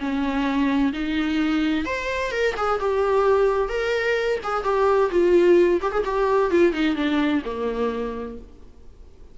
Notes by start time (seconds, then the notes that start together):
0.00 C#4
0.93 D#4
1.86 C5
2.32 A#4
2.57 G#4
2.80 G4
3.69 A#4
4.44 G#4
4.64 G4
5.11 F4
5.82 G4
5.92 G#4
6.05 G4
6.51 F4
6.73 D#4
6.96 D4
7.45 A#3